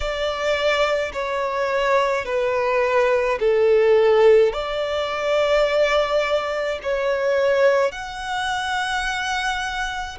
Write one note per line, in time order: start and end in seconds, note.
0.00 1.12 D5
1.12 2.25 C#5
2.25 3.38 B4
3.40 4.52 A4
4.52 6.79 D5
6.82 7.91 C#5
7.91 10.18 F#5